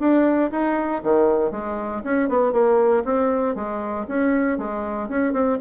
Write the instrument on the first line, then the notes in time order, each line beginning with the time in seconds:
bassoon
0.00 D4
0.51 D#4
1.03 D#3
1.52 G#3
2.04 C#4
2.29 B3
2.53 A#3
3.05 C4
3.56 G#3
4.08 C#4
4.58 G#3
5.09 C#4
5.33 C4